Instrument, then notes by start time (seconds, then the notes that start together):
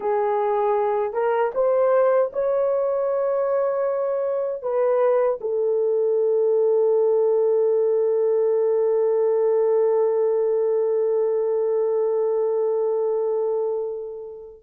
horn
0.00 G#4
1.13 A#4
1.54 C5
2.33 C#5
4.62 B4
5.40 A4